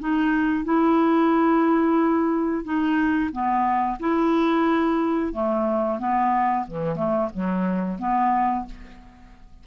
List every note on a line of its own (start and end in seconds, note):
0.00 0.65 D#4
0.65 2.64 E4
2.64 3.31 D#4
3.32 3.99 B3
4.00 5.33 E4
5.33 5.99 A3
5.99 6.66 B3
6.68 6.96 E3
6.96 7.29 A3
7.34 7.99 F#3
7.99 8.66 B3